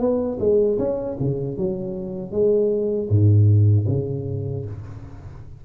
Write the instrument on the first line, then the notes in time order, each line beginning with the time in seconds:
tuba
0.00 B3
0.40 G#3
0.79 C#4
1.20 C#3
1.58 F#3
2.32 G#3
3.10 G#2
3.88 C#3